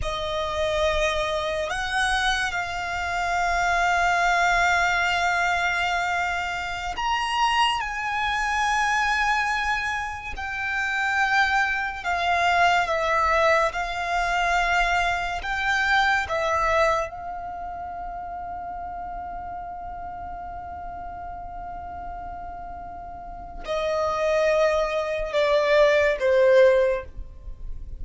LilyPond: \new Staff \with { instrumentName = "violin" } { \time 4/4 \tempo 4 = 71 dis''2 fis''4 f''4~ | f''1~ | f''16 ais''4 gis''2~ gis''8.~ | gis''16 g''2 f''4 e''8.~ |
e''16 f''2 g''4 e''8.~ | e''16 f''2.~ f''8.~ | f''1 | dis''2 d''4 c''4 | }